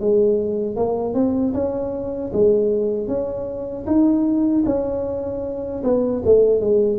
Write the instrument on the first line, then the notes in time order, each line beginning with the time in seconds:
tuba
0.00 G#3
0.76 A#3
1.14 C4
1.53 C#4
2.33 G#3
3.07 C#4
3.86 D#4
4.65 C#4
5.83 B3
6.25 A3
6.61 G#3